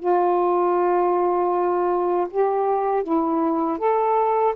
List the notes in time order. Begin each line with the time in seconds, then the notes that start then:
0.00 F4
2.31 G4
3.04 E4
3.78 A4